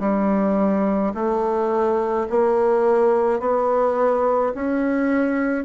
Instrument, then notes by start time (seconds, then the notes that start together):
bassoon
0.00 G3
1.14 A3
2.30 A#3
3.40 B3
4.55 C#4